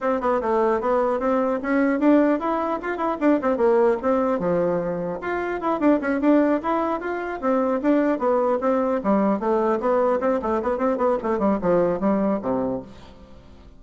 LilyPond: \new Staff \with { instrumentName = "bassoon" } { \time 4/4 \tempo 4 = 150 c'8 b8 a4 b4 c'4 | cis'4 d'4 e'4 f'8 e'8 | d'8 c'8 ais4 c'4 f4~ | f4 f'4 e'8 d'8 cis'8 d'8~ |
d'8 e'4 f'4 c'4 d'8~ | d'8 b4 c'4 g4 a8~ | a8 b4 c'8 a8 b8 c'8 b8 | a8 g8 f4 g4 c4 | }